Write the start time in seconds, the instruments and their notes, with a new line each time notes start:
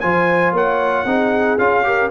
0.00 tuba F3, trombone F4, horn C5, trumpet G#5
0.52 tuba A#3, horn C#5, trumpet F#5
1.05 tuba C4, trombone D#4, horn G#4
1.58 tuba C#4, trombone F4, trumpet F5
1.83 trombone G4, horn A#4